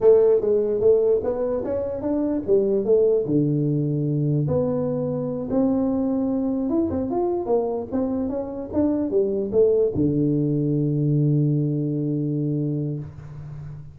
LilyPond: \new Staff \with { instrumentName = "tuba" } { \time 4/4 \tempo 4 = 148 a4 gis4 a4 b4 | cis'4 d'4 g4 a4 | d2. b4~ | b4. c'2~ c'8~ |
c'8 e'8 c'8 f'4 ais4 c'8~ | c'8 cis'4 d'4 g4 a8~ | a8 d2.~ d8~ | d1 | }